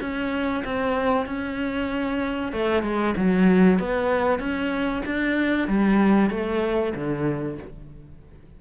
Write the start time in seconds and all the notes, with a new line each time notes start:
0.00 C#4
0.64 C4
1.26 C#4
2.52 A3
2.82 G#3
3.17 F#3
3.79 B3
4.39 C#4
5.05 D4
5.68 G3
6.30 A3
6.94 D3